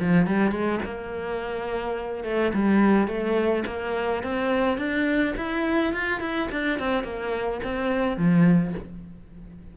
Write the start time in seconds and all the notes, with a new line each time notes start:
0.00 F3
0.27 G3
0.52 G#3
0.85 A#3
2.24 A3
2.54 G3
3.08 A3
3.67 A#3
4.23 C4
4.78 D4
5.37 E4
5.93 F4
6.21 E4
6.52 D4
6.80 C4
7.04 A#3
7.64 C4
8.18 F3